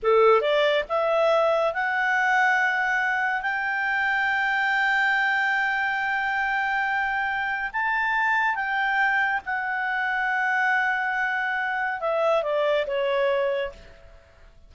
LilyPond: \new Staff \with { instrumentName = "clarinet" } { \time 4/4 \tempo 4 = 140 a'4 d''4 e''2 | fis''1 | g''1~ | g''1~ |
g''2 a''2 | g''2 fis''2~ | fis''1 | e''4 d''4 cis''2 | }